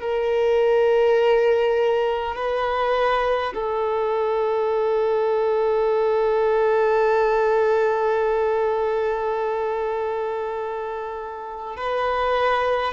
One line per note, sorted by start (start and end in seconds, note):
0.00 2.35 A#4
2.35 3.53 B4
3.54 11.76 A4
11.76 12.93 B4